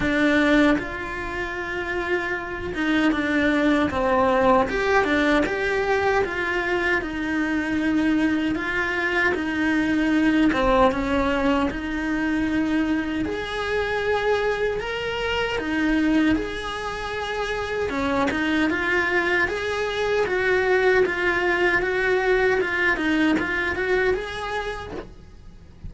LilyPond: \new Staff \with { instrumentName = "cello" } { \time 4/4 \tempo 4 = 77 d'4 f'2~ f'8 dis'8 | d'4 c'4 g'8 d'8 g'4 | f'4 dis'2 f'4 | dis'4. c'8 cis'4 dis'4~ |
dis'4 gis'2 ais'4 | dis'4 gis'2 cis'8 dis'8 | f'4 gis'4 fis'4 f'4 | fis'4 f'8 dis'8 f'8 fis'8 gis'4 | }